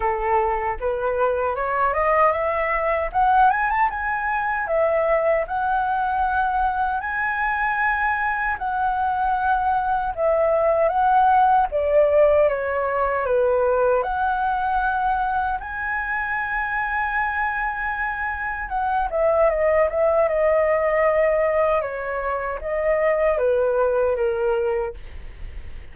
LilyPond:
\new Staff \with { instrumentName = "flute" } { \time 4/4 \tempo 4 = 77 a'4 b'4 cis''8 dis''8 e''4 | fis''8 gis''16 a''16 gis''4 e''4 fis''4~ | fis''4 gis''2 fis''4~ | fis''4 e''4 fis''4 d''4 |
cis''4 b'4 fis''2 | gis''1 | fis''8 e''8 dis''8 e''8 dis''2 | cis''4 dis''4 b'4 ais'4 | }